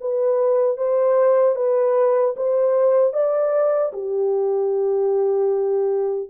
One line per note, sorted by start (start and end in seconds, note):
0.00 0.77 B4
0.77 1.55 C5
1.55 2.34 B4
2.36 3.13 C5
3.13 3.92 D5
3.93 6.29 G4